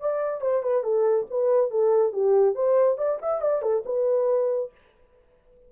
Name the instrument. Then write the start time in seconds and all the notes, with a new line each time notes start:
horn
0.00 D5
0.41 C5
0.62 B4
0.83 A4
1.30 B4
1.70 A4
2.12 G4
2.54 C5
2.97 D5
3.22 E5
3.41 D5
3.62 A4
3.85 B4